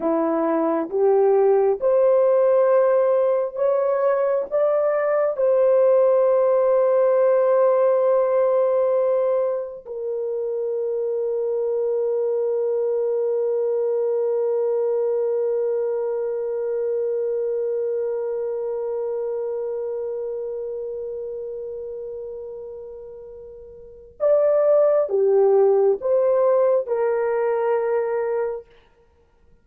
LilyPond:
\new Staff \with { instrumentName = "horn" } { \time 4/4 \tempo 4 = 67 e'4 g'4 c''2 | cis''4 d''4 c''2~ | c''2. ais'4~ | ais'1~ |
ais'1~ | ais'1~ | ais'2. d''4 | g'4 c''4 ais'2 | }